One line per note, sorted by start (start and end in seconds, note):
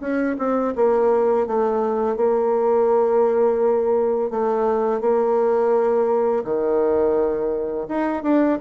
0.00 0.36 C#4
0.38 0.74 C4
0.75 1.46 A#3
1.46 2.16 A3
2.16 4.30 A#3
4.30 5.00 A3
5.00 6.43 A#3
6.44 7.87 D#3
7.88 8.23 D#4
8.23 8.58 D4